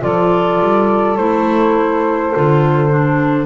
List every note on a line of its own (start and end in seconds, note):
0.00 0.60 F3
0.00 1.15 F4
0.00 3.46 A4
0.00 1.16 D5
0.60 1.17 G3
1.16 2.32 A3
1.16 2.33 E4
1.16 3.46 C5
2.34 3.46 D3
2.34 2.89 F4
2.89 3.46 D4